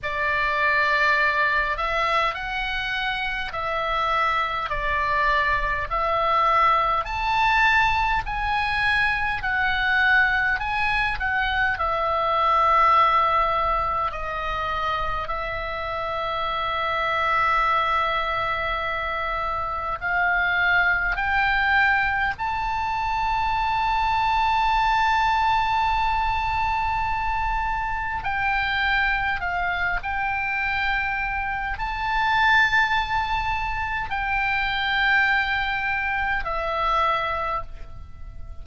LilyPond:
\new Staff \with { instrumentName = "oboe" } { \time 4/4 \tempo 4 = 51 d''4. e''8 fis''4 e''4 | d''4 e''4 a''4 gis''4 | fis''4 gis''8 fis''8 e''2 | dis''4 e''2.~ |
e''4 f''4 g''4 a''4~ | a''1 | g''4 f''8 g''4. a''4~ | a''4 g''2 e''4 | }